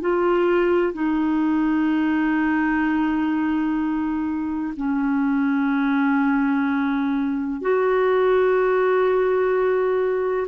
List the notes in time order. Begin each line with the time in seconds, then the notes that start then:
0.00 F4
0.93 D#4
4.76 C#4
7.61 F#4